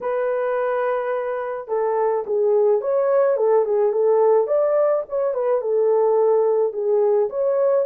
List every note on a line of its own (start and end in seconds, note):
0.01 1.68 B4
1.68 2.24 A4
2.26 2.81 G#4
2.81 3.36 C#5
3.36 3.64 A4
3.65 3.92 G#4
3.92 4.47 A4
4.47 5.03 D5
5.08 5.33 C#5
5.33 5.61 B4
5.61 6.73 A4
6.73 7.29 G#4
7.29 7.85 C#5